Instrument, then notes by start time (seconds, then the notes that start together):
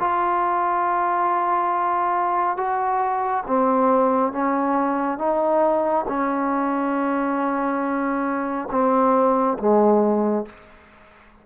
trombone
0.00 F4
2.57 F#4
3.47 C4
4.32 C#4
5.18 D#4
6.08 C#4
8.71 C4
9.58 G#3